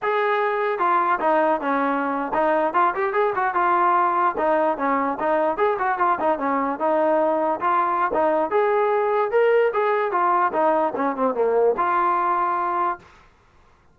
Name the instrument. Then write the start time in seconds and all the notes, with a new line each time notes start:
trombone
0.02 G#4
0.78 F4
1.20 D#4
1.61 C#4
2.33 D#4
2.73 F4
2.94 G4
3.13 G#4
3.35 F#4
3.54 F4
4.37 D#4
4.77 C#4
5.19 D#4
5.57 G#4
5.78 F#4
5.98 F4
6.20 D#4
6.38 C#4
6.79 D#4
7.60 F4
8.13 D#4
8.50 G#4
9.31 A#4
9.73 G#4
10.11 F4
10.52 D#4
10.95 C#4
11.16 C4
11.34 A#3
11.77 F4